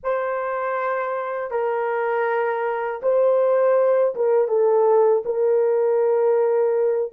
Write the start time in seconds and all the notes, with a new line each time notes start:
0.03 C5
1.50 A#4
3.02 C5
4.15 A#4
4.48 A4
5.25 A#4